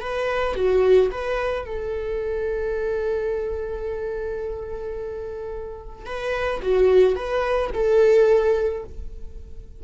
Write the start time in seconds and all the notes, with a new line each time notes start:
0.00 B4
0.55 F#4
1.11 B4
1.66 A4
6.06 B4
6.62 F#4
7.15 B4
7.73 A4